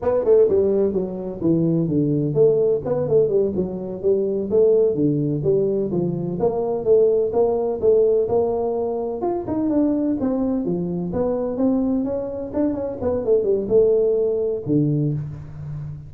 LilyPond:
\new Staff \with { instrumentName = "tuba" } { \time 4/4 \tempo 4 = 127 b8 a8 g4 fis4 e4 | d4 a4 b8 a8 g8 fis8~ | fis8 g4 a4 d4 g8~ | g8 f4 ais4 a4 ais8~ |
ais8 a4 ais2 f'8 | dis'8 d'4 c'4 f4 b8~ | b8 c'4 cis'4 d'8 cis'8 b8 | a8 g8 a2 d4 | }